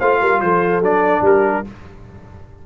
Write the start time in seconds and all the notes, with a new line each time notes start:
0.00 A3 F4 C5 F5
0.21 G3 A#4
0.41 F3 A4 C5
0.81 F#3 D4 D5
1.22 G3 G4 A#4